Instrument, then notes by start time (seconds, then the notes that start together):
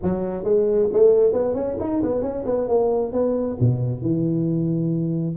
tuba
0.02 F#3
0.44 G#3
0.92 A3
1.32 B3
1.54 C#4
1.80 D#4
2.03 B3
2.21 C#4
2.45 B3
2.67 A#3
3.12 B3
3.60 B2
4.01 E3